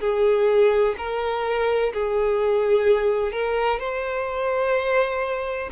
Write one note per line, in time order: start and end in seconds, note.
0.00 0.95 G#4
0.97 1.93 A#4
1.93 3.32 G#4
3.32 3.79 A#4
3.79 5.70 C5